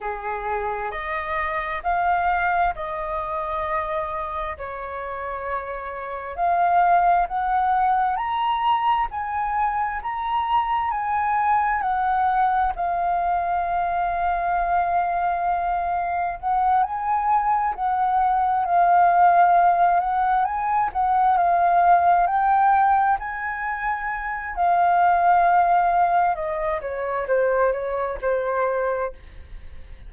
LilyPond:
\new Staff \with { instrumentName = "flute" } { \time 4/4 \tempo 4 = 66 gis'4 dis''4 f''4 dis''4~ | dis''4 cis''2 f''4 | fis''4 ais''4 gis''4 ais''4 | gis''4 fis''4 f''2~ |
f''2 fis''8 gis''4 fis''8~ | fis''8 f''4. fis''8 gis''8 fis''8 f''8~ | f''8 g''4 gis''4. f''4~ | f''4 dis''8 cis''8 c''8 cis''8 c''4 | }